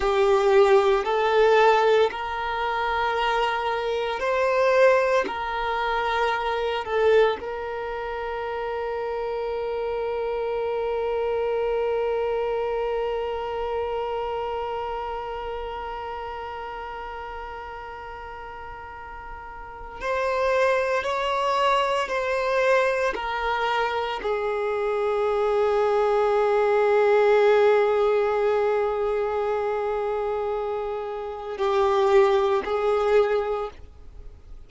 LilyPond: \new Staff \with { instrumentName = "violin" } { \time 4/4 \tempo 4 = 57 g'4 a'4 ais'2 | c''4 ais'4. a'8 ais'4~ | ais'1~ | ais'1~ |
ais'2. c''4 | cis''4 c''4 ais'4 gis'4~ | gis'1~ | gis'2 g'4 gis'4 | }